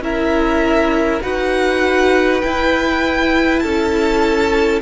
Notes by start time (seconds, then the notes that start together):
0.00 C#4 E4 A#4 E5
1.22 D#4 F#4 B4 F#5
2.41 E4 G5
3.59 C#4 A4 A5